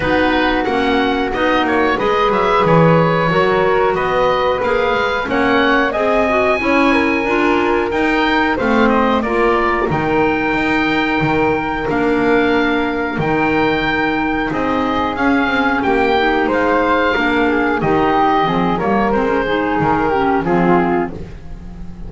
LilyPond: <<
  \new Staff \with { instrumentName = "oboe" } { \time 4/4 \tempo 4 = 91 b'4 fis''4 dis''8 cis''8 dis''8 e''8 | cis''2 dis''4 f''4 | fis''4 gis''2. | g''4 f''8 dis''8 d''4 g''4~ |
g''2 f''2 | g''2 dis''4 f''4 | g''4 f''2 dis''4~ | dis''8 cis''8 c''4 ais'4 gis'4 | }
  \new Staff \with { instrumentName = "flute" } { \time 4/4 fis'2. b'4~ | b'4 ais'4 b'2 | cis''4 dis''4 cis''8 ais'4.~ | ais'4 c''4 ais'2~ |
ais'1~ | ais'2 gis'2 | g'4 c''4 ais'8 gis'8 g'4 | gis'8 ais'4 gis'4 g'8 f'4 | }
  \new Staff \with { instrumentName = "clarinet" } { \time 4/4 dis'4 cis'4 dis'4 gis'4~ | gis'4 fis'2 gis'4 | cis'4 gis'8 fis'8 e'4 f'4 | dis'4 c'4 f'4 dis'4~ |
dis'2 d'2 | dis'2. cis'4~ | cis'8 dis'4. d'4 dis'4 | c'8 ais8 c'16 cis'16 dis'4 cis'8 c'4 | }
  \new Staff \with { instrumentName = "double bass" } { \time 4/4 b4 ais4 b8 ais8 gis8 fis8 | e4 fis4 b4 ais8 gis8 | ais4 c'4 cis'4 d'4 | dis'4 a4 ais4 dis4 |
dis'4 dis4 ais2 | dis2 c'4 cis'8 c'8 | ais4 gis4 ais4 dis4 | f8 g8 gis4 dis4 f4 | }
>>